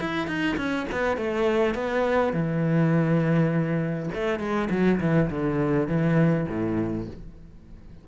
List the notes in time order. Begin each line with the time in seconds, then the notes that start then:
0.00 E4
0.27 D#4
0.57 C#4
0.91 B3
1.17 A3
1.74 B3
2.33 E3
4.14 A3
4.39 G#3
4.70 F#3
5.00 E3
5.30 D3
5.88 E3
6.48 A2